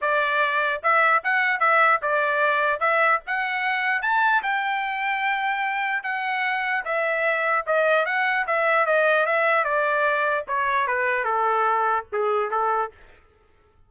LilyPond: \new Staff \with { instrumentName = "trumpet" } { \time 4/4 \tempo 4 = 149 d''2 e''4 fis''4 | e''4 d''2 e''4 | fis''2 a''4 g''4~ | g''2. fis''4~ |
fis''4 e''2 dis''4 | fis''4 e''4 dis''4 e''4 | d''2 cis''4 b'4 | a'2 gis'4 a'4 | }